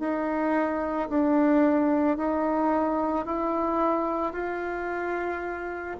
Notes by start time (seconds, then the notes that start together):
0.00 D#4
1.10 D4
2.18 D#4
3.26 E4
4.33 F4